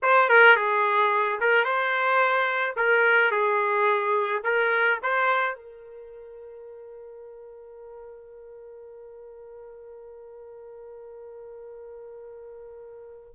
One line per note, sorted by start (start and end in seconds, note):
0.02 0.29 C5
0.29 0.56 A#4
0.56 1.39 G#4
1.40 1.64 A#4
1.64 2.75 C5
2.76 3.31 A#4
3.31 4.42 G#4
4.43 4.98 A#4
5.02 5.55 C5
5.55 13.33 A#4